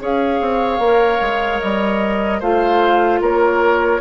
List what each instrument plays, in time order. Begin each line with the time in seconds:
0.00 bassoon C#4, clarinet G#4, oboe C#5, flute F5
0.41 bassoon C4
0.79 bassoon A#3, clarinet A#4
1.21 bassoon G#3
1.61 bassoon G3, flute D#5
2.40 bassoon A3, clarinet F4, oboe C5, flute F5
3.21 bassoon A#3, oboe A#4, flute C#5